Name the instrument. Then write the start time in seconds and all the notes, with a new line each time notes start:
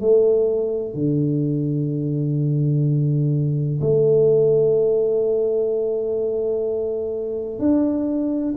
tuba
0.00 A3
0.94 D3
3.81 A3
7.59 D4